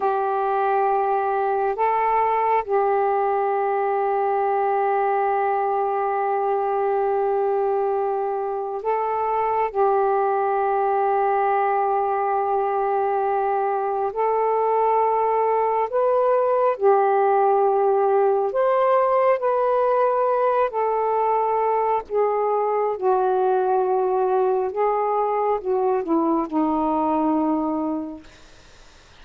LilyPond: \new Staff \with { instrumentName = "saxophone" } { \time 4/4 \tempo 4 = 68 g'2 a'4 g'4~ | g'1~ | g'2 a'4 g'4~ | g'1 |
a'2 b'4 g'4~ | g'4 c''4 b'4. a'8~ | a'4 gis'4 fis'2 | gis'4 fis'8 e'8 dis'2 | }